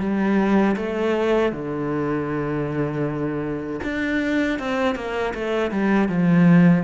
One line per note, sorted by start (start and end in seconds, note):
0.00 0.76 G3
0.76 1.52 A3
1.53 3.80 D3
3.84 4.59 D4
4.59 4.95 C4
4.95 5.33 A#3
5.34 5.71 A3
5.71 6.09 G3
6.09 6.84 F3